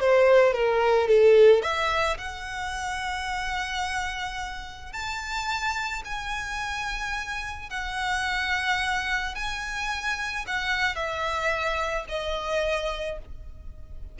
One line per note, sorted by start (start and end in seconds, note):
0.00 0.53 C5
0.53 1.08 A#4
1.08 1.62 A4
1.62 2.17 E5
2.18 4.92 F#5
4.92 6.03 A5
6.05 7.70 G#5
7.70 9.35 F#5
9.35 10.45 G#5
10.47 10.95 F#5
10.95 12.05 E5
12.09 13.19 D#5